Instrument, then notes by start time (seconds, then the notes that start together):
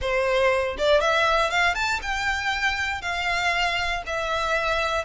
violin
0.01 C5
0.78 D5
1.00 E5
1.50 F5
1.74 A5
2.02 G5
3.01 F5
4.06 E5